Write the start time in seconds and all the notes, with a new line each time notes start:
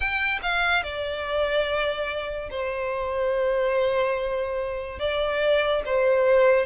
0.00 G5
0.42 F5
0.83 D5
2.50 C5
4.99 D5
5.85 C5